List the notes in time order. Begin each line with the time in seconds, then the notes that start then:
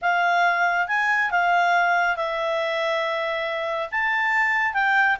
0.01 F5
0.87 G#5
1.30 F5
2.16 E5
3.91 A5
4.73 G5